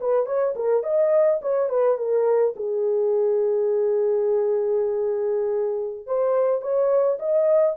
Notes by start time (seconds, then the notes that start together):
0.00 B4
0.26 C#5
0.55 A#4
0.83 D#5
1.41 C#5
1.69 B4
1.97 A#4
2.56 G#4
6.06 C5
6.61 C#5
7.19 D#5